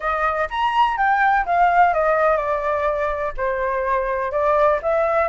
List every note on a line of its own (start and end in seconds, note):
0.00 0.48 D#5
0.50 0.97 A#5
0.97 1.45 G5
1.45 1.93 F5
1.93 2.37 D#5
2.37 3.33 D5
3.37 4.31 C5
4.31 4.79 D5
4.82 5.28 E5